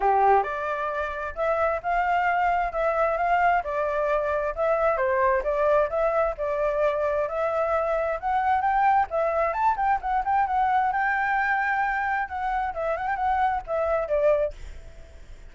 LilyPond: \new Staff \with { instrumentName = "flute" } { \time 4/4 \tempo 4 = 132 g'4 d''2 e''4 | f''2 e''4 f''4 | d''2 e''4 c''4 | d''4 e''4 d''2 |
e''2 fis''4 g''4 | e''4 a''8 g''8 fis''8 g''8 fis''4 | g''2. fis''4 | e''8 fis''16 g''16 fis''4 e''4 d''4 | }